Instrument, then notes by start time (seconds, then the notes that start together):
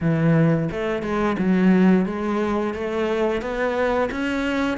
cello
0.00 E3
0.71 A3
1.02 G#3
1.38 F#3
2.05 G#3
2.74 A3
3.41 B3
4.11 C#4